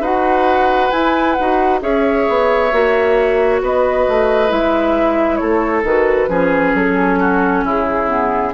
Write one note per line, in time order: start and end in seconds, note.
0.00 0.90 D#4
0.00 0.92 F#4
0.00 1.80 B4
0.00 0.91 F#5
0.91 1.36 E4
0.91 1.37 E4
0.91 1.33 G#5
1.33 1.82 D#4
1.33 1.81 F#4
1.33 1.78 F#5
1.81 2.27 C#4
1.81 2.71 G#4
1.81 3.62 C#5
1.81 3.61 E5
2.29 2.72 B3
2.72 3.62 A#3
2.72 4.49 F#4
3.62 4.06 B3
3.62 5.40 B4
3.62 4.51 D#5
4.08 4.51 A3
4.49 5.40 G#3
4.49 5.83 E4
4.49 5.36 E5
5.36 5.83 A3
5.36 6.29 A4
5.36 5.81 C#5
5.83 6.28 D#3
5.83 6.29 F#4
5.83 6.75 B4
6.28 6.73 F3
6.28 8.07 C#4
6.28 7.19 G#4
6.74 7.64 F#3
6.74 7.65 A4
7.19 7.64 F#4
7.64 8.53 C#3
7.64 8.53 E4
7.64 8.53 G#4
8.07 8.52 B3